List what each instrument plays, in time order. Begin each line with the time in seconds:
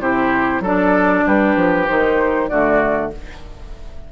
0.00 bassoon C3, clarinet E4, oboe G4, flute C5
0.60 bassoon F#3, clarinet D4, oboe A4, flute D5
1.27 bassoon G3, oboe G4, flute B4
1.56 bassoon F3
1.87 bassoon D#3, clarinet D#4, flute C5
2.48 bassoon D3, clarinet A3, oboe F#4, flute D5